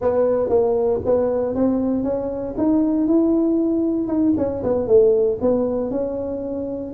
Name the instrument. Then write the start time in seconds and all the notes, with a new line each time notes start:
tuba
0.01 B3
0.49 A#3
1.05 B3
1.54 C4
2.03 C#4
2.57 D#4
3.07 E4
4.07 D#4
4.37 C#4
4.63 B3
4.87 A3
5.41 B3
5.90 C#4